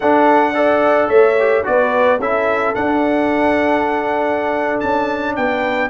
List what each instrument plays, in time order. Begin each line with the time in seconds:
0.00 tuba D4, trombone D4, horn A4, trumpet F#5
0.53 trombone A4, horn D5
1.08 tuba A3, horn C#5, trumpet E5
1.39 trombone G4
1.63 tuba B3, trombone F#4, horn B4, trumpet D5
2.19 tuba C#4, trombone E4, horn A4, trumpet E5
2.75 trombone D4, tuba D4, trumpet F#5
4.79 tuba C#4, trumpet A5
5.36 tuba B3, horn B4, trumpet G5